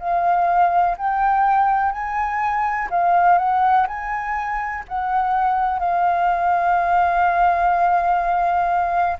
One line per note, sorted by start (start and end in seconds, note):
0.00 0.97 F5
0.98 1.92 G5
1.92 2.89 G#5
2.90 3.39 F5
3.39 3.87 F#5
3.88 4.84 G#5
4.89 5.80 F#5
5.80 9.18 F5